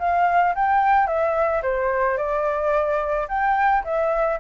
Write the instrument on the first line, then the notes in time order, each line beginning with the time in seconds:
flute
0.00 F5
0.56 G5
1.07 E5
1.63 C5
2.18 D5
3.29 G5
3.85 E5